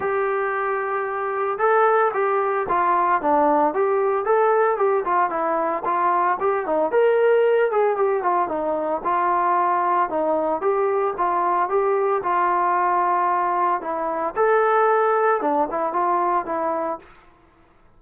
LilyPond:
\new Staff \with { instrumentName = "trombone" } { \time 4/4 \tempo 4 = 113 g'2. a'4 | g'4 f'4 d'4 g'4 | a'4 g'8 f'8 e'4 f'4 | g'8 dis'8 ais'4. gis'8 g'8 f'8 |
dis'4 f'2 dis'4 | g'4 f'4 g'4 f'4~ | f'2 e'4 a'4~ | a'4 d'8 e'8 f'4 e'4 | }